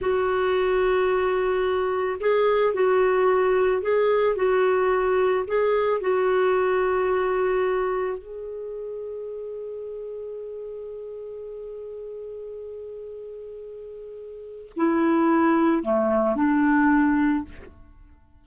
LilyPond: \new Staff \with { instrumentName = "clarinet" } { \time 4/4 \tempo 4 = 110 fis'1 | gis'4 fis'2 gis'4 | fis'2 gis'4 fis'4~ | fis'2. gis'4~ |
gis'1~ | gis'1~ | gis'2. e'4~ | e'4 a4 d'2 | }